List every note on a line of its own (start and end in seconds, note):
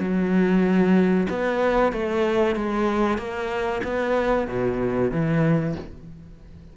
0.00 1.28 F#3
1.30 1.93 B3
1.93 2.56 A3
2.56 3.18 G#3
3.18 3.82 A#3
3.84 4.48 B3
4.48 5.12 B2
5.12 5.76 E3